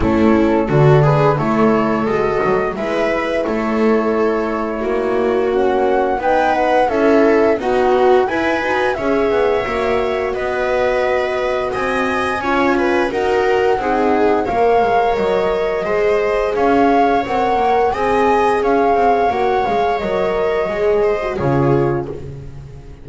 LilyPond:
<<
  \new Staff \with { instrumentName = "flute" } { \time 4/4 \tempo 4 = 87 a'4. b'8 cis''4 dis''4 | e''4 cis''2. | fis''4 g''8 fis''8 e''4 fis''4 | gis''4 e''2 dis''4~ |
dis''4 gis''2 fis''4~ | fis''4 f''4 dis''2 | f''4 fis''4 gis''4 f''4 | fis''8 f''8 dis''2 cis''4 | }
  \new Staff \with { instrumentName = "viola" } { \time 4/4 e'4 fis'8 gis'8 a'2 | b'4 a'2 fis'4~ | fis'4 b'4 a'4 fis'4 | b'4 cis''2 b'4~ |
b'4 dis''4 cis''8 b'8 ais'4 | gis'4 cis''2 c''4 | cis''2 dis''4 cis''4~ | cis''2~ cis''8 c''8 gis'4 | }
  \new Staff \with { instrumentName = "horn" } { \time 4/4 cis'4 d'4 e'4 fis'4 | e'1 | cis'4 dis'4 e'4 b4 | e'8 fis'8 gis'4 fis'2~ |
fis'2 f'4 fis'4 | dis'4 ais'2 gis'4~ | gis'4 ais'4 gis'2 | fis'8 gis'8 ais'4 gis'8. fis'16 f'4 | }
  \new Staff \with { instrumentName = "double bass" } { \time 4/4 a4 d4 a4 gis8 fis8 | gis4 a2 ais4~ | ais4 b4 cis'4 dis'4 | e'8 dis'8 cis'8 b8 ais4 b4~ |
b4 c'4 cis'4 dis'4 | c'4 ais8 gis8 fis4 gis4 | cis'4 c'8 ais8 c'4 cis'8 c'8 | ais8 gis8 fis4 gis4 cis4 | }
>>